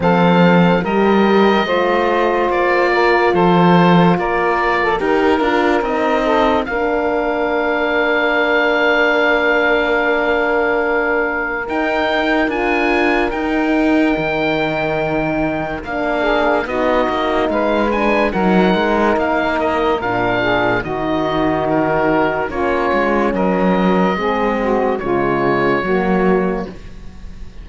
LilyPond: <<
  \new Staff \with { instrumentName = "oboe" } { \time 4/4 \tempo 4 = 72 f''4 dis''2 d''4 | c''4 d''4 ais'4 dis''4 | f''1~ | f''2 g''4 gis''4 |
g''2. f''4 | dis''4 f''8 gis''8 fis''4 f''8 dis''8 | f''4 dis''4 ais'4 cis''4 | dis''2 cis''2 | }
  \new Staff \with { instrumentName = "saxophone" } { \time 4/4 a'4 ais'4 c''4. ais'8 | a'4 ais'8. a'16 ais'4. a'8 | ais'1~ | ais'1~ |
ais'2.~ ais'8 gis'8 | fis'4 b'4 ais'2~ | ais'8 gis'8 fis'2 f'4 | ais'4 gis'8 fis'8 f'4 fis'4 | }
  \new Staff \with { instrumentName = "horn" } { \time 4/4 c'4 g'4 f'2~ | f'2 g'8 f'8 dis'4 | d'1~ | d'2 dis'4 f'4 |
dis'2. d'4 | dis'4. d'8 dis'2 | d'4 dis'2 cis'4~ | cis'4 c'4 gis4 ais4 | }
  \new Staff \with { instrumentName = "cello" } { \time 4/4 f4 g4 a4 ais4 | f4 ais4 dis'8 d'8 c'4 | ais1~ | ais2 dis'4 d'4 |
dis'4 dis2 ais4 | b8 ais8 gis4 fis8 gis8 ais4 | ais,4 dis2 ais8 gis8 | fis4 gis4 cis4 fis4 | }
>>